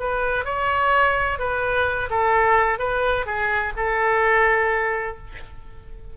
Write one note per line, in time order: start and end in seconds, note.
0.00 0.45 B4
0.45 1.39 C#5
1.39 2.09 B4
2.10 2.79 A4
2.79 3.26 B4
3.26 3.73 G#4
3.77 5.18 A4